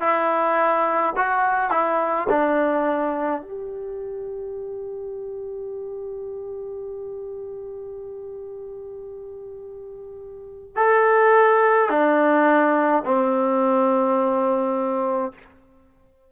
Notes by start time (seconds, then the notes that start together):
0.00 E4
1.16 F#4
1.70 E4
2.29 D4
3.42 G4
10.76 A4
11.89 D4
13.04 C4